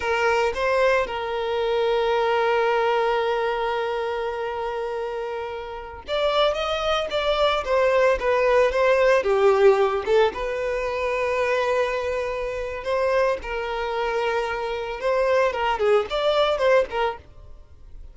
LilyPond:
\new Staff \with { instrumentName = "violin" } { \time 4/4 \tempo 4 = 112 ais'4 c''4 ais'2~ | ais'1~ | ais'2.~ ais'16 d''8.~ | d''16 dis''4 d''4 c''4 b'8.~ |
b'16 c''4 g'4. a'8 b'8.~ | b'1 | c''4 ais'2. | c''4 ais'8 gis'8 d''4 c''8 ais'8 | }